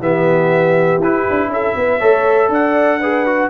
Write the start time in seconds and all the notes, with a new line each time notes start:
0.00 E3 B3 G4 E5
0.99 E4 B4
1.30 D4
1.49 C#4 A4 E5
1.76 B3 B4
1.99 A3 A4 C#5
2.49 D4 D5 F#5
3.01 G#4 B4
3.26 F#4